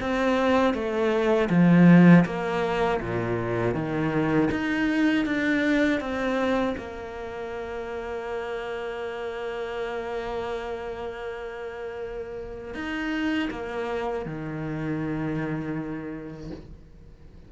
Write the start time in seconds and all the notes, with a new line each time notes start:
0.00 C4
0.73 A3
1.49 F3
2.25 A#3
3.00 A#2
3.74 D#3
4.51 D#4
5.25 D4
6.00 C4
6.77 A#3
12.74 D#4
13.50 A#3
14.25 D#3